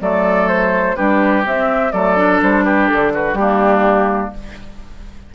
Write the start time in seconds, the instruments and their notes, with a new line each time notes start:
0.00 bassoon F#3, clarinet A3, oboe A4, flute D5
0.48 flute C5
0.96 bassoon G3, clarinet D4, oboe G4, flute B4
1.44 clarinet C4, bassoon C4, flute E5
1.92 bassoon F#3, clarinet A3, oboe A4, flute D5
2.16 clarinet D4
2.42 bassoon G3, flute C5
2.64 oboe G4, flute B4
2.87 bassoon D3, flute A4
3.14 oboe F#4, flute B4
3.33 bassoon G3, clarinet A#3, oboe D4, flute G4